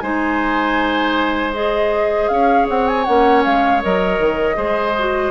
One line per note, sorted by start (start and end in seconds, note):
0.00 2.29 G#3
0.00 1.53 D#4
0.00 2.30 C5
0.00 1.52 G#5
1.53 3.05 G#4
1.53 2.28 D#5
2.28 2.67 C#4
2.28 4.56 C#5
2.28 2.66 F5
2.69 3.07 C4
2.69 2.87 F#5
2.87 3.05 G#5
3.05 3.45 A#3
3.05 3.82 C#4
3.05 3.43 F#5
3.44 3.84 G#3
3.44 3.82 F5
3.82 4.19 F#3
3.82 4.55 A#4
3.82 5.31 D#5
4.19 4.56 D#3
4.55 5.31 G#3
4.55 4.93 G#4
4.55 5.31 C5
4.98 5.31 F#4